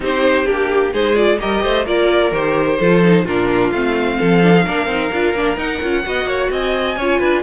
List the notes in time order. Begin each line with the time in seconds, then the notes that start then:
0.00 C4 D#4 G4 C5
0.45 A#3 D4 G4
0.92 G#3 D#4 G#4 C5
1.14 F4 D5
1.39 G3 G4 A#4 D#5
1.62 A3 C5
1.85 A#3 F4 A#4 D5
2.31 D#3 G4 C5
2.78 F3 F4 A4
3.03 D#4
3.24 A#2 D4 F4 A#4
3.72 A3 C4 F5
4.18 F3 A4
4.42 D4
4.55 D#4
4.64 A#3 D4 A#4
4.86 C4 D#4
5.12 D4 F4
5.33 A#3 D4
5.56 D#4 F#5
5.82 C#4 F4
6.03 B3 F#4 D#5
6.25 A#3 C#5
6.50 C4 D#5 G#5
6.96 C#4 F4 C#5
7.19 D4 B4